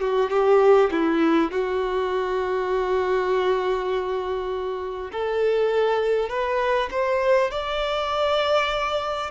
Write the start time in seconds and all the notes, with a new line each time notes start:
0.00 F#4
0.29 G4
0.91 E4
1.51 F#4
5.12 A4
6.29 B4
6.91 C5
7.50 D5